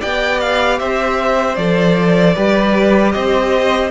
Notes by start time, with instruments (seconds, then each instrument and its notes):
0.00 cello B3, viola G4, violin D5 G5
0.41 violin F5
0.79 cello C4, violin C5 E5
1.56 cello F3, viola A4, violin D5
2.35 cello G3, viola G4, violin B4
3.12 cello C4, violin C5 D#5